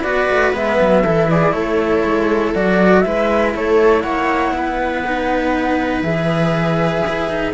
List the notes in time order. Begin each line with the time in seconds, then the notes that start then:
0.00 B3 F#4 B4 D5
0.30 A3
0.53 G#3 B3 E5
0.80 F#3
1.04 E3 E4 A4
1.29 G#4 D5
1.52 A3 A4 C#5
2.04 G#3
2.54 F#3 F#4 D5
3.01 G#3 E4 B4 E5
3.54 A3 A4 C#5
4.01 A#3 C#5 F#5
4.52 B3 B4
5.06 D#4
6.02 E3 G#4 E5
7.07 E4
7.29 D#4